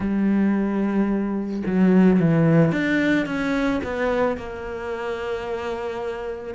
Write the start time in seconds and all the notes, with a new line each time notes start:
0.00 G3
1.66 F#3
2.20 E3
2.72 D4
3.26 C#4
3.83 B3
4.37 A#3